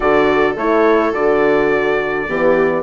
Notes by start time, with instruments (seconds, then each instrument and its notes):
0.00 bassoon D3, horn F#4, viola A4, trumpet D5
0.56 bassoon A3, horn E4, trumpet C#5
1.13 bassoon D3, horn F#4, trumpet D5
2.28 bassoon E3, horn B3, viola G4